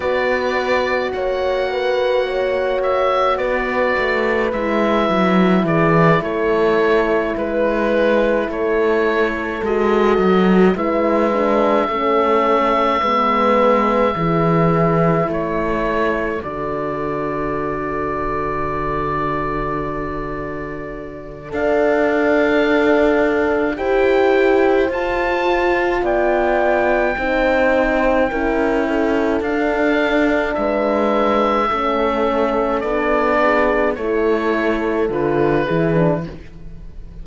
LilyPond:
<<
  \new Staff \with { instrumentName = "oboe" } { \time 4/4 \tempo 4 = 53 d''4 fis''4. e''8 d''4 | e''4 d''8 cis''4 b'4 cis''8~ | cis''8 dis''4 e''2~ e''8~ | e''4. cis''4 d''4.~ |
d''2. f''4~ | f''4 g''4 a''4 g''4~ | g''2 f''4 e''4~ | e''4 d''4 cis''4 b'4 | }
  \new Staff \with { instrumentName = "horn" } { \time 4/4 b'4 cis''8 b'8 cis''4 b'4~ | b'4 gis'8 a'4 b'4 a'8~ | a'4. b'4 a'4 b'8~ | b'8 gis'4 a'2~ a'8~ |
a'2. d''4~ | d''4 c''2 d''4 | c''4 ais'8 a'4. b'4 | a'4. gis'8 a'4. gis'8 | }
  \new Staff \with { instrumentName = "horn" } { \time 4/4 fis'1 | e'1~ | e'8 fis'4 e'8 d'8 cis'4 b8~ | b8 e'2 fis'4.~ |
fis'2. a'4~ | a'4 g'4 f'2 | dis'4 e'4 d'2 | cis'4 d'4 e'4 f'8 e'16 d'16 | }
  \new Staff \with { instrumentName = "cello" } { \time 4/4 b4 ais2 b8 a8 | gis8 fis8 e8 a4 gis4 a8~ | a8 gis8 fis8 gis4 a4 gis8~ | gis8 e4 a4 d4.~ |
d2. d'4~ | d'4 e'4 f'4 b4 | c'4 cis'4 d'4 gis4 | a4 b4 a4 d8 e8 | }
>>